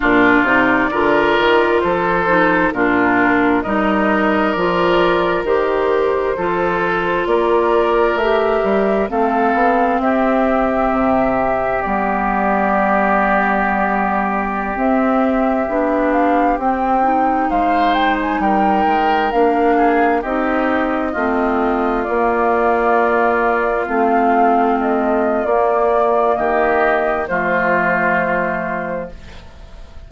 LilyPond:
<<
  \new Staff \with { instrumentName = "flute" } { \time 4/4 \tempo 4 = 66 d''2 c''4 ais'4 | dis''4 d''4 c''2 | d''4 e''4 f''4 e''4~ | e''4 d''2.~ |
d''16 e''4. f''8 g''4 f''8 g''16 | gis''16 g''4 f''4 dis''4.~ dis''16~ | dis''16 d''2 f''4 dis''8. | d''4 dis''4 c''2 | }
  \new Staff \with { instrumentName = "oboe" } { \time 4/4 f'4 ais'4 a'4 f'4 | ais'2. a'4 | ais'2 a'4 g'4~ | g'1~ |
g'2.~ g'16 c''8.~ | c''16 ais'4. gis'8 g'4 f'8.~ | f'1~ | f'4 g'4 f'2 | }
  \new Staff \with { instrumentName = "clarinet" } { \time 4/4 d'8 dis'8 f'4. dis'8 d'4 | dis'4 f'4 g'4 f'4~ | f'4 g'4 c'2~ | c'4 b2.~ |
b16 c'4 d'4 c'8 dis'4~ dis'16~ | dis'4~ dis'16 d'4 dis'4 c'8.~ | c'16 ais2 c'4.~ c'16 | ais2 a2 | }
  \new Staff \with { instrumentName = "bassoon" } { \time 4/4 ais,8 c8 d8 dis8 f4 ais,4 | g4 f4 dis4 f4 | ais4 a8 g8 a8 b8 c'4 | c4 g2.~ |
g16 c'4 b4 c'4 gis8.~ | gis16 g8 gis8 ais4 c'4 a8.~ | a16 ais2 a4.~ a16 | ais4 dis4 f2 | }
>>